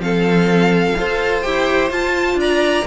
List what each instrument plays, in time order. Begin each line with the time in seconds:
0.00 cello F3, viola C4, violin A4 F5
0.98 cello F4, viola A4, violin C5
1.42 cello E4, viola G4, violin G5
1.91 cello F4, viola F4, violin A5
2.35 cello D4, violin D5 A#5